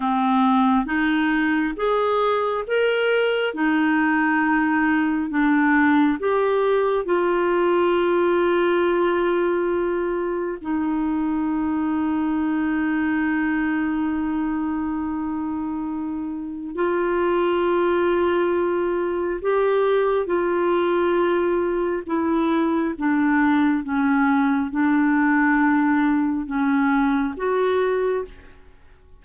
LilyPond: \new Staff \with { instrumentName = "clarinet" } { \time 4/4 \tempo 4 = 68 c'4 dis'4 gis'4 ais'4 | dis'2 d'4 g'4 | f'1 | dis'1~ |
dis'2. f'4~ | f'2 g'4 f'4~ | f'4 e'4 d'4 cis'4 | d'2 cis'4 fis'4 | }